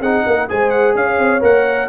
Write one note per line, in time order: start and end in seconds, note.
0.00 0.24 C4
0.00 0.48 D#4
0.00 0.24 G#4
0.00 0.49 F#5
0.25 0.51 A#3
0.25 0.49 A#4
0.48 0.95 G#3
0.48 1.40 G#4
0.48 0.97 C5
0.48 0.70 G#5
0.70 0.94 F#5
0.95 1.18 C#4
0.95 1.89 C#5
0.95 1.43 F5
1.18 1.42 C4
1.40 1.89 A#3
1.40 1.88 A#4
1.40 1.89 F#5